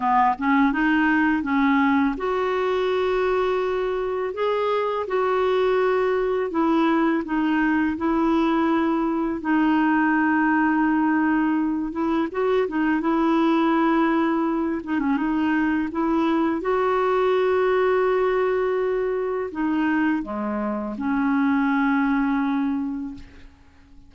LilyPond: \new Staff \with { instrumentName = "clarinet" } { \time 4/4 \tempo 4 = 83 b8 cis'8 dis'4 cis'4 fis'4~ | fis'2 gis'4 fis'4~ | fis'4 e'4 dis'4 e'4~ | e'4 dis'2.~ |
dis'8 e'8 fis'8 dis'8 e'2~ | e'8 dis'16 cis'16 dis'4 e'4 fis'4~ | fis'2. dis'4 | gis4 cis'2. | }